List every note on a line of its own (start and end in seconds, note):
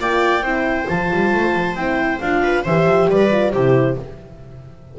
0.00 0.42 A#3
0.00 0.43 F4
0.00 0.44 D5
0.00 0.88 G5
0.42 0.86 C4
0.42 0.87 E4
0.42 2.42 C5
0.87 1.12 F3
0.87 1.76 F4
0.87 1.76 A5
1.13 1.34 G3
1.34 1.56 A3
1.56 1.75 F3
1.75 2.19 C4
1.75 2.21 E4
1.75 2.20 G5
2.20 2.65 D4
2.20 2.67 F4
2.20 2.64 F5
2.43 2.64 B4
2.64 2.87 E3
2.64 3.32 G4
2.64 3.08 C5
2.64 3.10 E5
2.87 3.09 F3
3.10 3.54 G3
3.10 3.52 B4
3.10 3.52 D5
3.32 3.54 F4
3.52 3.98 C3
3.52 3.99 E4
3.52 3.97 G4
3.52 3.96 C5